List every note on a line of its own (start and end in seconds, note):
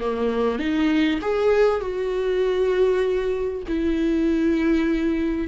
0.00 0.59 A#3
0.59 1.20 D#4
1.21 1.81 G#4
1.81 3.63 F#4
3.68 5.48 E4